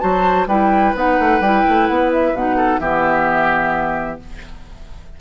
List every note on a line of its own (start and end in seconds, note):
0.00 0.47 F#3
0.00 0.47 F#4
0.00 0.49 C5
0.00 0.47 A5
0.47 0.94 G3
0.47 0.96 E4
0.47 2.57 B4
0.47 0.95 G5
0.96 1.19 B3
0.96 1.42 D#4
0.96 1.42 F#5
1.20 1.41 A3
1.41 1.64 G3
1.41 2.36 E4
1.41 1.88 G5
1.69 1.90 A3
1.88 2.34 B3
1.88 2.11 F#5
2.13 2.36 E5
2.34 2.80 B2
2.34 2.80 D#4
2.34 2.80 F#5
2.57 2.80 A4
2.80 4.19 E3
2.80 4.20 B3
2.80 4.21 G4
2.80 4.20 E5